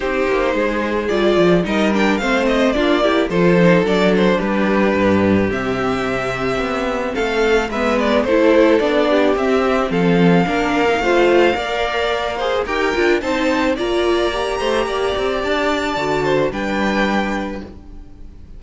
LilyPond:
<<
  \new Staff \with { instrumentName = "violin" } { \time 4/4 \tempo 4 = 109 c''2 d''4 dis''8 g''8 | f''8 dis''8 d''4 c''4 d''8 c''8 | b'2 e''2~ | e''4 f''4 e''8 d''8 c''4 |
d''4 e''4 f''2~ | f''2. g''4 | a''4 ais''2. | a''2 g''2 | }
  \new Staff \with { instrumentName = "violin" } { \time 4/4 g'4 gis'2 ais'4 | c''4 f'8 g'8 a'2 | g'1~ | g'4 a'4 b'4 a'4~ |
a'8 g'4. a'4 ais'4 | c''4 d''4. c''8 ais'4 | c''4 d''4. c''8 d''4~ | d''4. c''8 b'2 | }
  \new Staff \with { instrumentName = "viola" } { \time 4/4 dis'2 f'4 dis'8 d'8 | c'4 d'8 e'8 f'8 dis'8 d'4~ | d'2 c'2~ | c'2 b4 e'4 |
d'4 c'2 d'8. dis'16 | f'4 ais'4. gis'8 g'8 f'8 | dis'4 f'4 g'2~ | g'4 fis'4 d'2 | }
  \new Staff \with { instrumentName = "cello" } { \time 4/4 c'8 ais8 gis4 g8 f8 g4 | a4 ais4 f4 fis4 | g4 g,4 c2 | b4 a4 gis4 a4 |
b4 c'4 f4 ais4 | a4 ais2 dis'8 d'8 | c'4 ais4. a8 ais8 c'8 | d'4 d4 g2 | }
>>